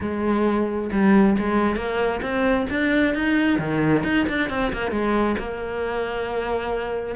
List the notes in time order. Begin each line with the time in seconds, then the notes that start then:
0.00 G#3
0.92 G3
1.38 G#3
1.76 A#3
2.22 C4
2.70 D4
3.14 D#4
3.58 D#3
4.03 D#4
4.29 D4
4.49 C4
4.72 A#3
4.91 G#3
5.38 A#3